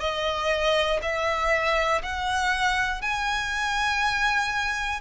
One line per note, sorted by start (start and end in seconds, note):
0.00 1.00 D#5
1.02 2.02 E5
2.03 3.01 F#5
3.01 5.00 G#5